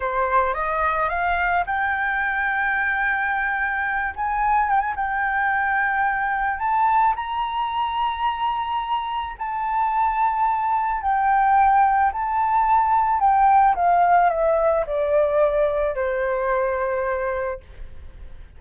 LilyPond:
\new Staff \with { instrumentName = "flute" } { \time 4/4 \tempo 4 = 109 c''4 dis''4 f''4 g''4~ | g''2.~ g''8 gis''8~ | gis''8 g''16 gis''16 g''2. | a''4 ais''2.~ |
ais''4 a''2. | g''2 a''2 | g''4 f''4 e''4 d''4~ | d''4 c''2. | }